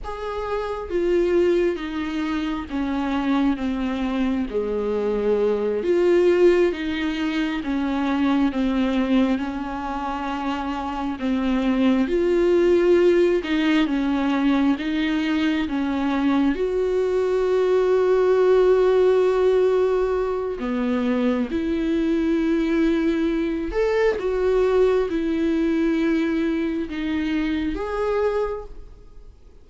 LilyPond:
\new Staff \with { instrumentName = "viola" } { \time 4/4 \tempo 4 = 67 gis'4 f'4 dis'4 cis'4 | c'4 gis4. f'4 dis'8~ | dis'8 cis'4 c'4 cis'4.~ | cis'8 c'4 f'4. dis'8 cis'8~ |
cis'8 dis'4 cis'4 fis'4.~ | fis'2. b4 | e'2~ e'8 a'8 fis'4 | e'2 dis'4 gis'4 | }